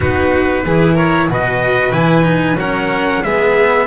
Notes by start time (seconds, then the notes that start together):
0.00 B3 D#4 F#4 B4
0.65 E3 E4 G#4
0.94 A#4 C#5
1.29 B2 F#4 B4 D#5
1.92 E3 E4 G#5
2.23 D#4
2.54 F#3 C#4 A#4 F#5
3.23 G#3 B3 G#4 E5